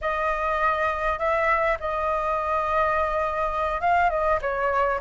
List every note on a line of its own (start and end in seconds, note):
0.01 1.18 D#5
1.18 1.77 E5
1.79 3.80 D#5
3.80 4.09 F5
4.09 4.39 D#5
4.41 5.00 C#5